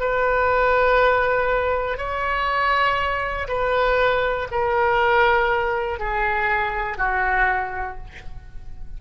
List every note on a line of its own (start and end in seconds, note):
0.00 1.97 B4
1.97 3.47 C#5
3.48 4.48 B4
4.50 5.99 A#4
5.99 6.97 G#4
6.97 7.97 F#4